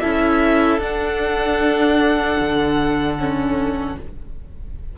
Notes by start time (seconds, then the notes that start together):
0.00 C#4 E4 A4 E5
0.78 D4 F#5
2.39 D3
3.19 C#4